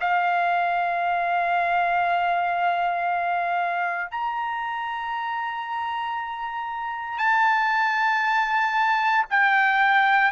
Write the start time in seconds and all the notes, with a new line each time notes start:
0.00 F5
4.11 A#5
7.18 A5
9.30 G5